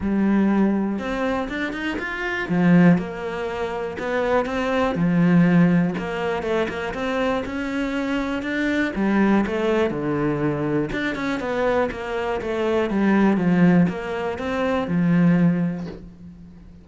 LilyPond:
\new Staff \with { instrumentName = "cello" } { \time 4/4 \tempo 4 = 121 g2 c'4 d'8 dis'8 | f'4 f4 ais2 | b4 c'4 f2 | ais4 a8 ais8 c'4 cis'4~ |
cis'4 d'4 g4 a4 | d2 d'8 cis'8 b4 | ais4 a4 g4 f4 | ais4 c'4 f2 | }